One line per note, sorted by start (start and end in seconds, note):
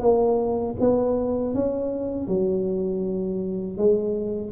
0.00 0.75 A#3
0.79 1.54 B3
1.54 2.27 C#4
2.27 3.77 F#3
3.77 4.51 G#3